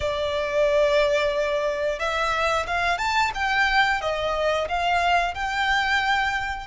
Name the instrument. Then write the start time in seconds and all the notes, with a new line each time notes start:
violin
0.00 D5
1.99 E5
2.67 F5
2.98 A5
3.34 G5
4.01 D#5
4.68 F5
5.34 G5